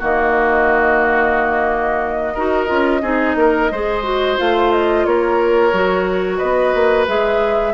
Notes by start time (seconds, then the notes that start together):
0.00 D#3 A#3 F#4 D#5
2.34 D#4 F#4 A#4
2.68 C#4 F4
3.03 C4 D#4 G#4
3.36 A#3 A#4
3.71 G#3 G#4 C5
4.04 F#4
4.37 A3 F4 F5
4.73 D#5
5.06 A#3 A#4 C#5
5.73 F#3 F#4
6.38 B3 B4 D#5
6.75 A#3
7.08 G#3 G#4 E5